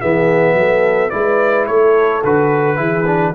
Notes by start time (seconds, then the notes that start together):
0.00 E3 B3 G#4 E5
0.54 F#3 A4
1.10 G#3 E4 B4 D5
1.66 A3 A4 C#5
2.24 D3 F#4 B4
2.76 E3 E4 G#4
3.06 D4